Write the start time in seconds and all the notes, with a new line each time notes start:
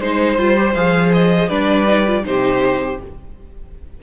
0.00 G#3 D#4 C5
0.38 G3 F4
0.57 G4
0.74 F3 G#4 F5
1.13 D#5
1.48 G3 D4 B4 D5
1.87 D#4
2.07 F4
2.23 C3 D#4 G4 C5